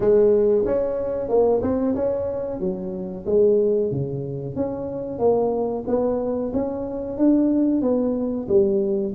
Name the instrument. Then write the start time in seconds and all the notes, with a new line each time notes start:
tuba
0.00 G#3
0.65 C#4
1.28 A#3
1.62 C4
1.95 C#4
2.60 F#3
3.25 G#3
3.91 C#3
4.55 C#4
5.18 A#3
5.87 B3
6.53 C#4
7.17 D4
7.81 B3
8.48 G3